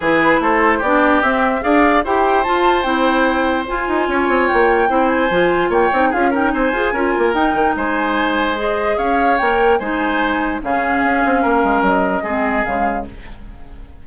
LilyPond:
<<
  \new Staff \with { instrumentName = "flute" } { \time 4/4 \tempo 4 = 147 b'4 c''4 d''4 e''4 | f''4 g''4 a''4 g''4~ | g''4 gis''2 g''4~ | g''8 gis''4. g''4 f''8 g''8 |
gis''2 g''4 gis''4~ | gis''4 dis''4 f''4 g''4 | gis''2 f''2~ | f''4 dis''2 f''4 | }
  \new Staff \with { instrumentName = "oboe" } { \time 4/4 gis'4 a'4 g'2 | d''4 c''2.~ | c''2 cis''2 | c''2 cis''4 gis'8 ais'8 |
c''4 ais'2 c''4~ | c''2 cis''2 | c''2 gis'2 | ais'2 gis'2 | }
  \new Staff \with { instrumentName = "clarinet" } { \time 4/4 e'2 d'4 c'4 | gis'4 g'4 f'4 e'4~ | e'4 f'2. | e'4 f'4. dis'8 f'8 dis'8~ |
dis'8 gis'8 f'4 dis'2~ | dis'4 gis'2 ais'4 | dis'2 cis'2~ | cis'2 c'4 gis4 | }
  \new Staff \with { instrumentName = "bassoon" } { \time 4/4 e4 a4 b4 c'4 | d'4 e'4 f'4 c'4~ | c'4 f'8 dis'8 cis'8 c'8 ais4 | c'4 f4 ais8 c'8 cis'4 |
c'8 f'8 cis'8 ais8 dis'8 dis8 gis4~ | gis2 cis'4 ais4 | gis2 cis4 cis'8 c'8 | ais8 gis8 fis4 gis4 cis4 | }
>>